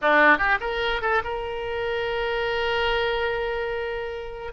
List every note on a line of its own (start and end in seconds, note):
0.01 0.38 D4
0.38 0.58 G4
0.60 1.01 A#4
1.01 1.22 A4
1.23 4.52 A#4